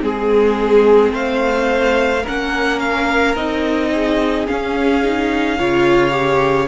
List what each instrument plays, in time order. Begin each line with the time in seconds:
0.00 cello G#3, viola C4, violin G#4
1.13 cello A3, violin C5 F5
2.24 cello A#3, viola C#4, violin A#4 F#5
2.80 violin F5
3.36 cello C4, viola D#4, violin D#5
3.94 violin G#4
4.48 viola C#4, cello C#4, violin F5
5.04 viola D#4
5.59 cello C#3, viola F4, violin C#5
6.11 viola G4